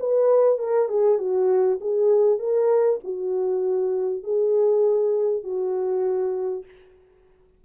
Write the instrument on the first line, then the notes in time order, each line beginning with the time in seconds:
horn
0.00 B4
0.59 A#4
0.89 G#4
1.18 F#4
1.81 G#4
2.39 A#4
3.04 F#4
4.24 G#4
5.44 F#4